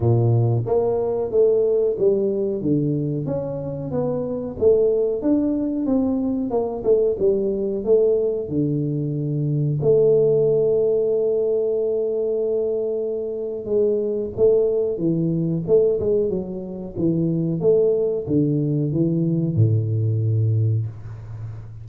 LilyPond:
\new Staff \with { instrumentName = "tuba" } { \time 4/4 \tempo 4 = 92 ais,4 ais4 a4 g4 | d4 cis'4 b4 a4 | d'4 c'4 ais8 a8 g4 | a4 d2 a4~ |
a1~ | a4 gis4 a4 e4 | a8 gis8 fis4 e4 a4 | d4 e4 a,2 | }